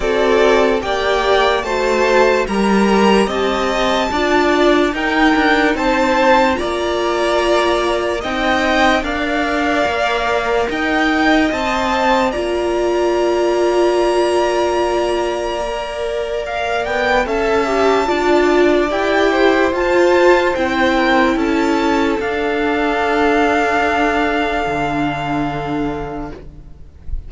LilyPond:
<<
  \new Staff \with { instrumentName = "violin" } { \time 4/4 \tempo 4 = 73 d''4 g''4 a''4 ais''4 | a''2 g''4 a''4 | ais''2 g''4 f''4~ | f''4 g''4 a''4 ais''4~ |
ais''1 | f''8 g''8 a''2 g''4 | a''4 g''4 a''4 f''4~ | f''1 | }
  \new Staff \with { instrumentName = "violin" } { \time 4/4 a'4 d''4 c''4 ais'4 | dis''4 d''4 ais'4 c''4 | d''2 dis''4 d''4~ | d''4 dis''2 d''4~ |
d''1~ | d''4 e''4 d''4. c''8~ | c''4. ais'8 a'2~ | a'1 | }
  \new Staff \with { instrumentName = "viola" } { \time 4/4 fis'4 g'4 fis'4 g'4~ | g'4 f'4 dis'2 | f'2 dis'4 ais'4~ | ais'2 c''4 f'4~ |
f'2. ais'4~ | ais'4 a'8 g'8 f'4 g'4 | f'4 e'2 d'4~ | d'1 | }
  \new Staff \with { instrumentName = "cello" } { \time 4/4 c'4 ais4 a4 g4 | c'4 d'4 dis'8 d'8 c'4 | ais2 c'4 d'4 | ais4 dis'4 c'4 ais4~ |
ais1~ | ais8 b8 cis'4 d'4 e'4 | f'4 c'4 cis'4 d'4~ | d'2 d2 | }
>>